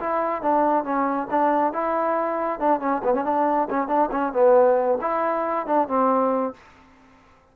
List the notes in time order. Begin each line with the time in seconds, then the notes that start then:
0.00 E4
0.43 D4
0.84 C#4
1.31 D4
1.73 E4
2.60 D4
2.81 C#4
3.04 B3
3.15 C#4
3.25 D4
3.70 C#4
3.88 D4
4.12 C#4
4.33 B3
5.02 E4
5.67 D4
5.88 C4